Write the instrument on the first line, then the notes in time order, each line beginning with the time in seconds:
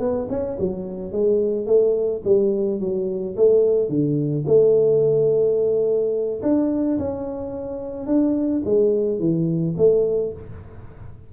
tuba
0.00 B3
0.30 C#4
0.60 F#3
1.12 G#3
1.67 A3
2.25 G3
2.81 F#3
3.37 A3
3.89 D3
4.47 A3
6.43 D4
6.99 C#4
8.07 D4
8.65 G#3
9.19 E3
9.78 A3